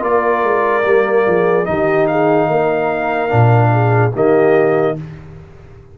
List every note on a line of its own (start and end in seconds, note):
0.00 0.43 A#3
0.00 0.82 F4
0.00 1.25 A#4
0.00 1.65 D5
0.43 0.84 G#3
0.83 1.26 G3
0.83 1.65 A#3
1.27 1.68 F3
1.27 1.68 G#4
1.65 2.49 D#3
1.65 3.29 D#4
1.65 2.10 G4
1.65 2.07 D#5
2.07 2.47 G#4
2.07 4.13 F5
2.47 3.31 A#3
2.47 3.70 A#4
3.29 4.14 A#2
3.29 4.11 D4
3.72 4.13 G#4
4.13 4.97 D#3
4.13 4.97 A#3
4.13 4.95 G4
4.13 4.98 D#5